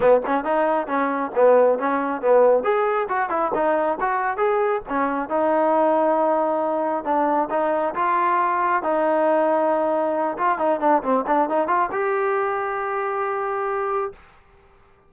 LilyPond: \new Staff \with { instrumentName = "trombone" } { \time 4/4 \tempo 4 = 136 b8 cis'8 dis'4 cis'4 b4 | cis'4 b4 gis'4 fis'8 e'8 | dis'4 fis'4 gis'4 cis'4 | dis'1 |
d'4 dis'4 f'2 | dis'2.~ dis'8 f'8 | dis'8 d'8 c'8 d'8 dis'8 f'8 g'4~ | g'1 | }